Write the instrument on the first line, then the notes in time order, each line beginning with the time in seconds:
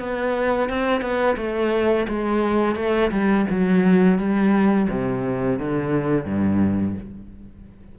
cello
0.00 B3
0.69 C4
1.01 B3
1.37 A3
2.08 G#3
2.76 A3
3.11 G3
3.50 F#3
4.19 G3
4.90 C3
5.59 D3
6.26 G2